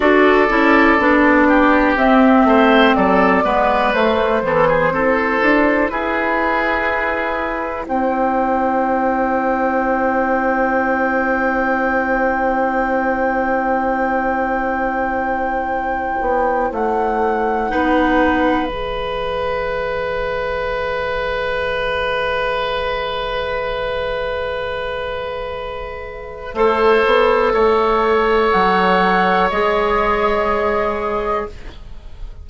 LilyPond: <<
  \new Staff \with { instrumentName = "flute" } { \time 4/4 \tempo 4 = 61 d''2 e''4 d''4 | c''2 b'2 | g''1~ | g''1~ |
g''4 fis''2 e''4~ | e''1~ | e''1~ | e''4 fis''4 dis''2 | }
  \new Staff \with { instrumentName = "oboe" } { \time 4/4 a'4. g'4 c''8 a'8 b'8~ | b'8 a'16 gis'16 a'4 gis'2 | c''1~ | c''1~ |
c''2 b'2~ | b'1~ | b'2. c''4 | cis''1 | }
  \new Staff \with { instrumentName = "clarinet" } { \time 4/4 fis'8 e'8 d'4 c'4. b8 | a8 e8 e'2.~ | e'1~ | e'1~ |
e'2 dis'4 gis'4~ | gis'1~ | gis'2. a'4~ | a'2 gis'2 | }
  \new Staff \with { instrumentName = "bassoon" } { \time 4/4 d'8 cis'8 b4 c'8 a8 fis8 gis8 | a8 b8 c'8 d'8 e'2 | c'1~ | c'1~ |
c'8 b8 a4 b4 e4~ | e1~ | e2. a8 b8 | a4 fis4 gis2 | }
>>